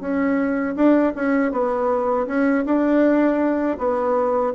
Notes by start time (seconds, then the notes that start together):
0.00 C#4
0.76 D4
1.16 C#4
1.52 B3
2.27 C#4
2.65 D4
3.78 B3